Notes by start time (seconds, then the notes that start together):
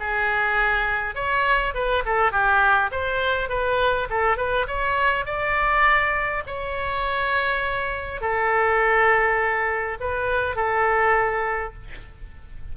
0.00 G#4
1.15 C#5
1.74 B4
2.06 A4
2.32 G4
2.92 C5
3.49 B4
4.10 A4
4.37 B4
4.68 C#5
5.26 D5
6.47 C#5
8.21 A4
10.01 B4
10.56 A4